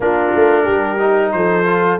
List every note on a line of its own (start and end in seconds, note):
0.00 0.31 A#3
0.00 0.98 D4
0.00 0.63 F4
0.00 1.32 A#4
0.34 0.67 A3
0.63 1.33 G3
0.63 1.30 G4
0.98 1.65 D#4
1.32 1.99 F3
1.32 1.99 A4
1.32 1.98 C5
1.66 1.99 F4